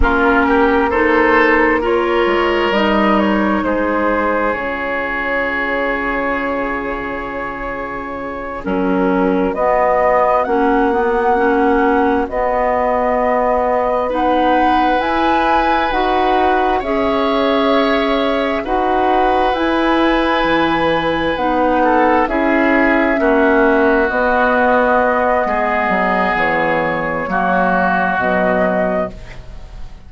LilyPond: <<
  \new Staff \with { instrumentName = "flute" } { \time 4/4 \tempo 4 = 66 ais'4 c''4 cis''4 dis''8 cis''8 | c''4 cis''2.~ | cis''4. ais'4 dis''4 fis''8~ | fis''4. dis''2 fis''8~ |
fis''8 gis''4 fis''4 e''4.~ | e''8 fis''4 gis''2 fis''8~ | fis''8 e''2 dis''4.~ | dis''4 cis''2 dis''4 | }
  \new Staff \with { instrumentName = "oboe" } { \time 4/4 f'8 g'8 a'4 ais'2 | gis'1~ | gis'4. fis'2~ fis'8~ | fis'2.~ fis'8 b'8~ |
b'2~ b'8 cis''4.~ | cis''8 b'2.~ b'8 | a'8 gis'4 fis'2~ fis'8 | gis'2 fis'2 | }
  \new Staff \with { instrumentName = "clarinet" } { \time 4/4 cis'4 dis'4 f'4 dis'4~ | dis'4 f'2.~ | f'4. cis'4 b4 cis'8 | b8 cis'4 b2 dis'8~ |
dis'8 e'4 fis'4 gis'4.~ | gis'8 fis'4 e'2 dis'8~ | dis'8 e'4 cis'4 b4.~ | b2 ais4 fis4 | }
  \new Staff \with { instrumentName = "bassoon" } { \time 4/4 ais2~ ais8 gis8 g4 | gis4 cis2.~ | cis4. fis4 b4 ais8~ | ais4. b2~ b8~ |
b8 e'4 dis'4 cis'4.~ | cis'8 dis'4 e'4 e4 b8~ | b8 cis'4 ais4 b4. | gis8 fis8 e4 fis4 b,4 | }
>>